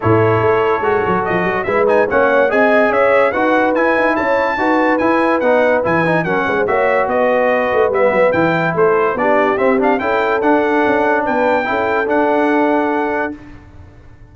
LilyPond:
<<
  \new Staff \with { instrumentName = "trumpet" } { \time 4/4 \tempo 4 = 144 cis''2. dis''4 | e''8 gis''8 fis''4 gis''4 e''4 | fis''4 gis''4 a''2 | gis''4 fis''4 gis''4 fis''4 |
e''4 dis''2 e''4 | g''4 c''4 d''4 e''8 f''8 | g''4 fis''2 g''4~ | g''4 fis''2. | }
  \new Staff \with { instrumentName = "horn" } { \time 4/4 a'1 | b'4 cis''4 dis''4 cis''4 | b'2 cis''4 b'4~ | b'2. ais'8 b'16 c''16 |
cis''4 b'2.~ | b'4 a'4 g'2 | a'2. b'4 | a'1 | }
  \new Staff \with { instrumentName = "trombone" } { \time 4/4 e'2 fis'2 | e'8 dis'8 cis'4 gis'2 | fis'4 e'2 fis'4 | e'4 dis'4 e'8 dis'8 cis'4 |
fis'2. b4 | e'2 d'4 c'8 d'8 | e'4 d'2. | e'4 d'2. | }
  \new Staff \with { instrumentName = "tuba" } { \time 4/4 a,4 a4 gis8 fis8 f8 fis8 | gis4 ais4 c'4 cis'4 | dis'4 e'8 dis'8 cis'4 dis'4 | e'4 b4 e4 fis8 gis8 |
ais4 b4. a8 g8 fis8 | e4 a4 b4 c'4 | cis'4 d'4 cis'4 b4 | cis'4 d'2. | }
>>